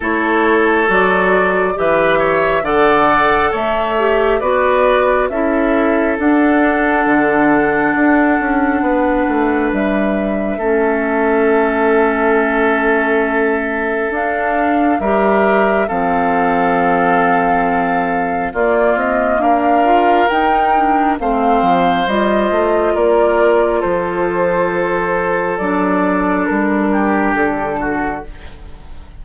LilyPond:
<<
  \new Staff \with { instrumentName = "flute" } { \time 4/4 \tempo 4 = 68 cis''4 d''4 e''4 fis''4 | e''4 d''4 e''4 fis''4~ | fis''2. e''4~ | e''1 |
f''4 e''4 f''2~ | f''4 d''8 dis''8 f''4 g''4 | f''4 dis''4 d''4 c''4~ | c''4 d''4 ais'4 a'4 | }
  \new Staff \with { instrumentName = "oboe" } { \time 4/4 a'2 b'8 cis''8 d''4 | cis''4 b'4 a'2~ | a'2 b'2 | a'1~ |
a'4 ais'4 a'2~ | a'4 f'4 ais'2 | c''2 ais'4 a'4~ | a'2~ a'8 g'4 fis'8 | }
  \new Staff \with { instrumentName = "clarinet" } { \time 4/4 e'4 fis'4 g'4 a'4~ | a'8 g'8 fis'4 e'4 d'4~ | d'1 | cis'1 |
d'4 g'4 c'2~ | c'4 ais4. f'8 dis'8 d'8 | c'4 f'2.~ | f'4 d'2. | }
  \new Staff \with { instrumentName = "bassoon" } { \time 4/4 a4 fis4 e4 d4 | a4 b4 cis'4 d'4 | d4 d'8 cis'8 b8 a8 g4 | a1 |
d'4 g4 f2~ | f4 ais8 c'8 d'4 dis'4 | a8 f8 g8 a8 ais4 f4~ | f4 fis4 g4 d4 | }
>>